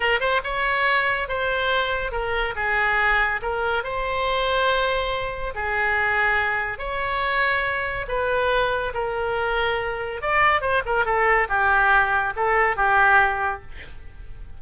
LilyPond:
\new Staff \with { instrumentName = "oboe" } { \time 4/4 \tempo 4 = 141 ais'8 c''8 cis''2 c''4~ | c''4 ais'4 gis'2 | ais'4 c''2.~ | c''4 gis'2. |
cis''2. b'4~ | b'4 ais'2. | d''4 c''8 ais'8 a'4 g'4~ | g'4 a'4 g'2 | }